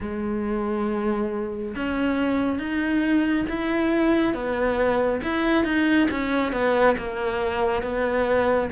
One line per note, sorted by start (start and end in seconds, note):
0.00 1.74 G#3
1.75 2.58 C#4
2.58 3.45 D#4
3.48 4.34 E4
4.34 5.21 B3
5.22 5.64 E4
5.64 6.08 D#4
6.10 6.52 C#4
6.52 6.95 B3
6.97 7.82 A#3
7.82 8.69 B3